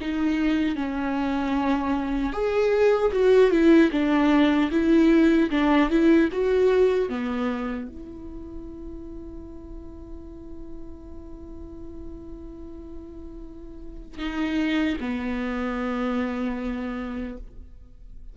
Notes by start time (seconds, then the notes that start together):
0.00 D#4
0.75 C#4
2.32 G#4
3.12 F#4
3.51 E4
3.91 D4
4.71 E4
5.50 D4
5.90 E4
6.32 F#4
7.09 B3
7.88 E4
14.18 D#4
15.00 B3